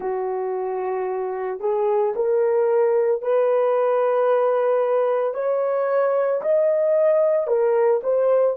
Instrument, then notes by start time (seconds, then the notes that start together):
horn
0.00 F#4
1.60 G#4
2.15 A#4
3.21 B4
5.34 C#5
6.41 D#5
7.47 A#4
8.03 C5